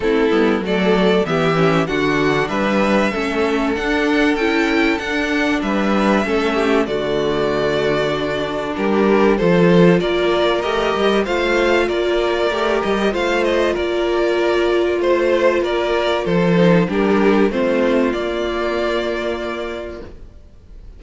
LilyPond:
<<
  \new Staff \with { instrumentName = "violin" } { \time 4/4 \tempo 4 = 96 a'4 d''4 e''4 fis''4 | e''2 fis''4 g''4 | fis''4 e''2 d''4~ | d''2 ais'4 c''4 |
d''4 dis''4 f''4 d''4~ | d''8 dis''8 f''8 dis''8 d''2 | c''4 d''4 c''4 ais'4 | c''4 d''2. | }
  \new Staff \with { instrumentName = "violin" } { \time 4/4 e'4 a'4 g'4 fis'4 | b'4 a'2.~ | a'4 b'4 a'8 g'8 fis'4~ | fis'2 g'4 a'4 |
ais'2 c''4 ais'4~ | ais'4 c''4 ais'2 | c''4 ais'4 a'4 g'4 | f'1 | }
  \new Staff \with { instrumentName = "viola" } { \time 4/4 c'8 b8 a4 b8 cis'8 d'4~ | d'4 cis'4 d'4 e'4 | d'2 cis'4 a4~ | a4 d'2 f'4~ |
f'4 g'4 f'2 | g'4 f'2.~ | f'2~ f'8 dis'8 d'4 | c'4 ais2. | }
  \new Staff \with { instrumentName = "cello" } { \time 4/4 a8 g8 fis4 e4 d4 | g4 a4 d'4 cis'4 | d'4 g4 a4 d4~ | d2 g4 f4 |
ais4 a8 g8 a4 ais4 | a8 g8 a4 ais2 | a4 ais4 f4 g4 | a4 ais2. | }
>>